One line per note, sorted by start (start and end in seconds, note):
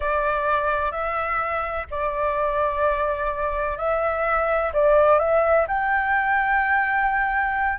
0.00 0.91 D5
0.91 1.86 E5
1.90 3.77 D5
3.77 4.72 E5
4.73 5.19 D5
5.19 5.66 E5
5.67 7.78 G5